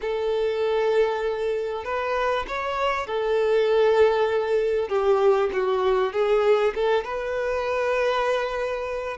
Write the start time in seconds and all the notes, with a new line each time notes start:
0.01 A4
1.84 B4
2.47 C#5
3.06 A4
4.88 G4
5.52 F#4
6.12 G#4
6.75 A4
7.04 B4